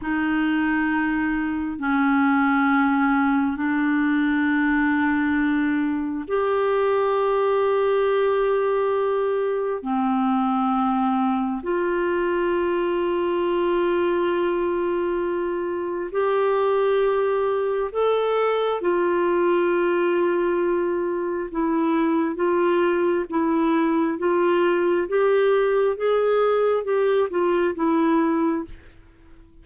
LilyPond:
\new Staff \with { instrumentName = "clarinet" } { \time 4/4 \tempo 4 = 67 dis'2 cis'2 | d'2. g'4~ | g'2. c'4~ | c'4 f'2.~ |
f'2 g'2 | a'4 f'2. | e'4 f'4 e'4 f'4 | g'4 gis'4 g'8 f'8 e'4 | }